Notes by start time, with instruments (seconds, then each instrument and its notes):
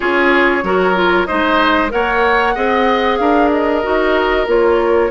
0.00 bassoon C#4, clarinet F4, oboe G#4, flute C#5
0.63 bassoon F#3, clarinet F#4, oboe A#4
0.94 clarinet F4
1.26 bassoon G#3, clarinet D#4, oboe C5, flute D#5
1.88 bassoon A#3, clarinet A#4, oboe C#5, flute F#5
2.54 bassoon C4, clarinet G#4, oboe D#5
3.17 bassoon D4, oboe A#4, flute F5
3.51 flute D#5
3.82 bassoon D#4, clarinet F#4
4.46 bassoon A#3, clarinet F4, flute C#5